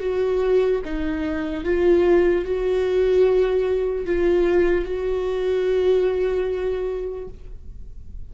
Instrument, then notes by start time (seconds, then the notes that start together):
viola
0.00 F#4
0.85 D#4
1.65 F4
2.45 F#4
4.06 F4
4.85 F#4